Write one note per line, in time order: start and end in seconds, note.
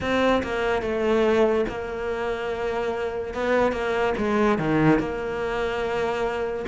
0.01 0.42 C4
0.43 0.81 A#3
0.81 1.65 A3
1.68 3.34 A#3
3.34 3.71 B3
3.71 4.13 A#3
4.17 4.58 G#3
4.58 4.99 D#3
4.99 6.65 A#3